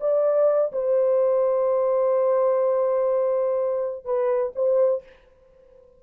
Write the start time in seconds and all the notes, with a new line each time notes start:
0.00 D5
0.72 C5
4.05 B4
4.55 C5